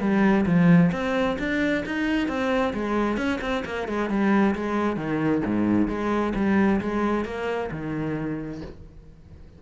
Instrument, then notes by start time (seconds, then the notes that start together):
cello
0.00 G3
0.46 F3
0.92 C4
1.39 D4
1.85 D#4
2.28 C4
2.73 G#3
3.17 C#4
3.41 C4
3.65 A#3
3.88 G#3
4.09 G3
4.55 G#3
4.96 D#3
5.45 G#2
5.88 G#3
6.35 G3
6.81 G#3
7.25 A#3
7.71 D#3